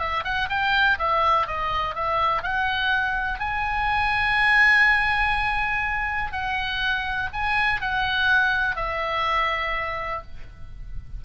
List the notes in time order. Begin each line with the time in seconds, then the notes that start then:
0.00 E5
0.25 F#5
0.50 G5
0.99 E5
1.48 D#5
1.96 E5
2.43 F#5
3.40 G#5
6.33 F#5
7.33 G#5
7.82 F#5
8.76 E5